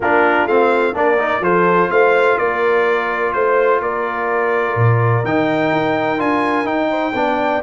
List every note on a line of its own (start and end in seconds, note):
0.00 0.46 A#3
0.00 0.49 D4
0.00 0.95 F4
0.00 0.47 A#4
0.46 0.93 A3
0.46 0.94 C4
0.46 0.95 F5
0.94 1.40 A#3
0.94 1.18 D4
0.94 1.42 A#4
0.94 1.43 D5
1.18 1.42 D#4
1.40 1.87 F3
1.40 5.24 F4
1.40 1.90 A4
1.40 1.90 C5
1.90 2.38 A3
1.90 2.38 C5
1.90 2.38 F5
2.38 3.34 A#3
2.38 3.33 A#4
2.38 3.33 D5
3.33 3.80 A3
3.33 3.80 C5
3.80 4.75 A#3
3.80 6.90 A#4
3.80 5.25 D5
4.75 5.23 A#2
5.24 5.71 D#3
5.24 6.18 D#4
5.24 6.20 G5
5.72 6.19 D#4
6.18 6.64 D4
6.18 6.64 F4
6.18 6.67 G#5
6.64 7.12 D#4
6.64 7.62 G5
6.90 7.13 C5
7.14 7.61 B3
7.14 7.62 D4
7.14 7.62 D5